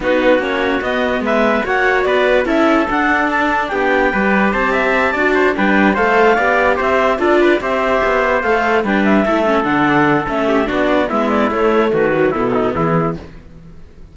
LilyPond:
<<
  \new Staff \with { instrumentName = "clarinet" } { \time 4/4 \tempo 4 = 146 b'4 cis''4 dis''4 e''4 | fis''4 d''4 e''4 fis''4 | a''4 g''2 a''4~ | a''4. g''4 f''4.~ |
f''8 e''4 d''4 e''4.~ | e''8 f''4 g''8 e''4. fis''8~ | fis''4 e''4 d''4 e''8 d''8 | cis''4 b'4 a'4 gis'4 | }
  \new Staff \with { instrumentName = "trumpet" } { \time 4/4 fis'2. b'4 | cis''4 b'4 a'2~ | a'4 g'4 b'4 c''8 e''8~ | e''8 d''8 c''8 b'4 c''4 d''8~ |
d''8 c''4 a'8 b'8 c''4.~ | c''4. b'4 a'4.~ | a'4. g'8 fis'4 e'4~ | e'4 fis'4 e'8 dis'8 e'4 | }
  \new Staff \with { instrumentName = "viola" } { \time 4/4 dis'4 cis'4 b2 | fis'2 e'4 d'4~ | d'2 g'2~ | g'8 fis'4 d'4 a'4 g'8~ |
g'4. f'4 g'4.~ | g'8 a'4 d'4 e'8 cis'8 d'8~ | d'4 cis'4 d'4 b4 | a4. fis8 b2 | }
  \new Staff \with { instrumentName = "cello" } { \time 4/4 b4 ais4 b4 gis4 | ais4 b4 cis'4 d'4~ | d'4 b4 g4 c'4~ | c'8 d'4 g4 a4 b8~ |
b8 c'4 d'4 c'4 b8~ | b8 a4 g4 a4 d8~ | d4 a4 b4 gis4 | a4 dis4 b,4 e4 | }
>>